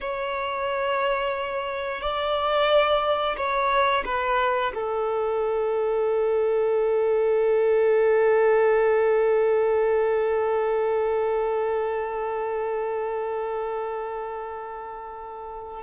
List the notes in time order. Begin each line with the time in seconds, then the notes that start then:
0.01 C#5
2.01 D5
3.36 C#5
4.04 B4
4.74 A4